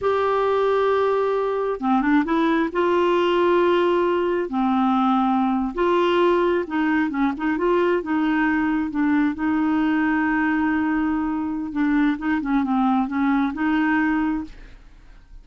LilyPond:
\new Staff \with { instrumentName = "clarinet" } { \time 4/4 \tempo 4 = 133 g'1 | c'8 d'8 e'4 f'2~ | f'2 c'2~ | c'8. f'2 dis'4 cis'16~ |
cis'16 dis'8 f'4 dis'2 d'16~ | d'8. dis'2.~ dis'16~ | dis'2 d'4 dis'8 cis'8 | c'4 cis'4 dis'2 | }